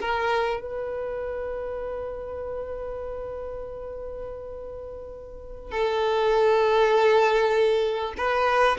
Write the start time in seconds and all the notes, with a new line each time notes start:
0.00 A#4
0.60 B4
5.71 A4
8.17 B4